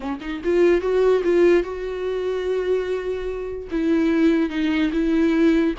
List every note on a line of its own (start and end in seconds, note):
0.00 0.18 C#4
0.21 0.41 D#4
0.43 0.81 F4
0.81 1.22 F#4
1.24 1.63 F4
1.63 3.68 F#4
3.71 4.49 E4
4.49 4.90 D#4
4.92 5.74 E4